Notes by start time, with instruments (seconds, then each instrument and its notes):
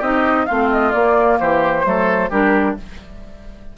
0.00 bassoon C4, clarinet D#4, oboe G4, flute D#5
0.46 bassoon A3, clarinet C4, oboe F4, flute F5
0.72 flute D#5
0.93 clarinet A#3, bassoon A#3, flute D5
1.40 bassoon E3, oboe G4, flute C5
1.84 bassoon F#3, clarinet A3, oboe A4
2.30 bassoon G3, clarinet D4, oboe G4, flute A#4